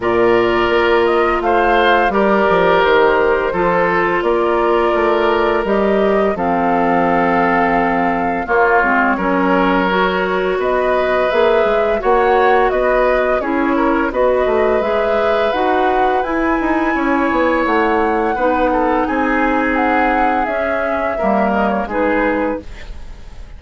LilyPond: <<
  \new Staff \with { instrumentName = "flute" } { \time 4/4 \tempo 4 = 85 d''4. dis''8 f''4 d''4 | c''2 d''2 | dis''4 f''2. | cis''2. dis''4 |
e''4 fis''4 dis''4 cis''4 | dis''4 e''4 fis''4 gis''4~ | gis''4 fis''2 gis''4 | fis''4 e''4. dis''16 cis''16 b'4 | }
  \new Staff \with { instrumentName = "oboe" } { \time 4/4 ais'2 c''4 ais'4~ | ais'4 a'4 ais'2~ | ais'4 a'2. | f'4 ais'2 b'4~ |
b'4 cis''4 b'4 gis'8 ais'8 | b'1 | cis''2 b'8 a'8 gis'4~ | gis'2 ais'4 gis'4 | }
  \new Staff \with { instrumentName = "clarinet" } { \time 4/4 f'2. g'4~ | g'4 f'2. | g'4 c'2. | ais8 c'8 cis'4 fis'2 |
gis'4 fis'2 e'4 | fis'4 gis'4 fis'4 e'4~ | e'2 dis'2~ | dis'4 cis'4 ais4 dis'4 | }
  \new Staff \with { instrumentName = "bassoon" } { \time 4/4 ais,4 ais4 a4 g8 f8 | dis4 f4 ais4 a4 | g4 f2. | ais8 gis8 fis2 b4 |
ais8 gis8 ais4 b4 cis'4 | b8 a8 gis4 dis'4 e'8 dis'8 | cis'8 b8 a4 b4 c'4~ | c'4 cis'4 g4 gis4 | }
>>